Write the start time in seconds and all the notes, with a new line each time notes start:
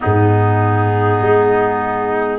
0.00 G#2 B3 D#4 G#4
1.20 G#3